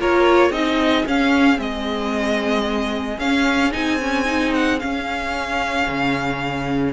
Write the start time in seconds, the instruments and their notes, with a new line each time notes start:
0.00 cello A#3, viola F4, violin A#4 C#5
0.50 cello C4, viola D#4, violin G#4 D#5
1.06 cello C#4, viola C#4, violin F5
1.56 cello G#3, viola C4, violin D#5
3.19 cello C#4, viola C#4, violin F5
3.72 cello C4, viola D#4, violin G#5
4.01 viola C#4
4.26 viola D#4
4.54 violin F#5
4.80 viola C#4, cello C#4, violin F5
5.88 cello C#3